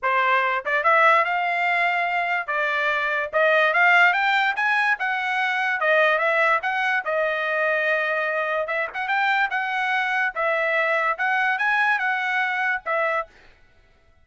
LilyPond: \new Staff \with { instrumentName = "trumpet" } { \time 4/4 \tempo 4 = 145 c''4. d''8 e''4 f''4~ | f''2 d''2 | dis''4 f''4 g''4 gis''4 | fis''2 dis''4 e''4 |
fis''4 dis''2.~ | dis''4 e''8 fis''8 g''4 fis''4~ | fis''4 e''2 fis''4 | gis''4 fis''2 e''4 | }